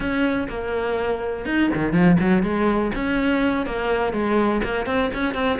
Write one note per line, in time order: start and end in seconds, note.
0.00 0.47 C#4
0.49 1.45 A#3
1.45 1.70 D#4
1.75 1.92 D#3
1.92 2.17 F3
2.19 2.43 F#3
2.43 2.91 G#3
2.94 3.66 C#4
3.66 4.12 A#3
4.12 4.61 G#3
4.63 4.85 A#3
4.85 5.10 C4
5.14 5.34 C#4
5.34 5.58 C4